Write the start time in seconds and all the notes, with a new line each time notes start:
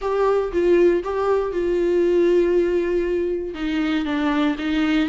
0.01 G4
0.52 F4
1.03 G4
1.51 F4
3.54 D#4
4.05 D4
4.58 D#4